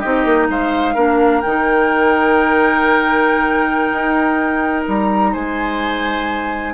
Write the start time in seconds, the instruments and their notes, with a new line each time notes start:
0.00 bassoon C4, clarinet D#4, oboe G4, flute D#5
0.25 bassoon A#3
0.50 bassoon G#3, oboe C5, flute F5
0.95 bassoon A#3, clarinet D4, oboe A#4
1.42 bassoon D#3, clarinet D#4, flute G5
3.92 bassoon D#4
4.88 bassoon G3, flute A#5
5.33 bassoon G#3, oboe C5, flute G#5